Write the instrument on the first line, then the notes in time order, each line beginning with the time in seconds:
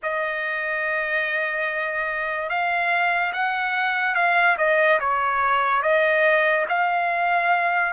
trumpet
0.02 D#5
2.49 F5
3.33 F#5
4.14 F5
4.57 D#5
5.00 C#5
5.82 D#5
6.69 F5